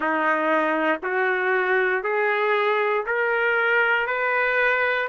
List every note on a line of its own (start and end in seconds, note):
0.00 1.00 D#4
1.03 2.03 F#4
2.03 3.05 G#4
3.06 4.06 A#4
4.06 5.08 B4